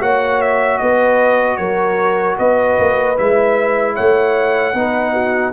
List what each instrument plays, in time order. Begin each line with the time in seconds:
0.00 tuba A#3, trombone F#4, horn C#5, trumpet F#5
0.41 trumpet E5
0.78 tuba B3, horn B4, trumpet D#5
1.57 tuba F#3, horn A#4, trumpet C#5
2.38 tuba B3, horn B4, trumpet D#5
2.79 tuba A#3
3.16 tuba G#3, trombone E4, trumpet E5
3.95 tuba A3, horn C#5, trumpet F#5
4.74 tuba B3, trombone D#4, horn B4
5.13 horn F#4